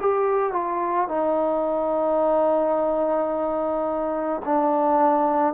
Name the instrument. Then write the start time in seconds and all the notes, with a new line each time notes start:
trombone
0.00 G4
0.52 F4
1.08 D#4
4.45 D4